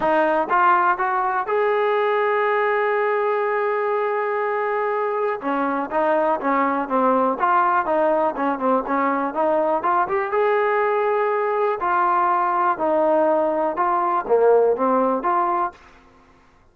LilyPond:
\new Staff \with { instrumentName = "trombone" } { \time 4/4 \tempo 4 = 122 dis'4 f'4 fis'4 gis'4~ | gis'1~ | gis'2. cis'4 | dis'4 cis'4 c'4 f'4 |
dis'4 cis'8 c'8 cis'4 dis'4 | f'8 g'8 gis'2. | f'2 dis'2 | f'4 ais4 c'4 f'4 | }